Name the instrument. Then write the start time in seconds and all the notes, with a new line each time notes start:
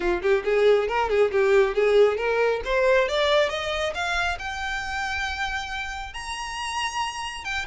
violin
0.00 F4
0.21 G4
0.44 G#4
0.88 A#4
1.09 G#4
1.31 G4
1.74 G#4
2.17 A#4
2.64 C5
3.08 D5
3.49 D#5
3.94 F5
4.39 G5
6.13 A#5
7.44 G5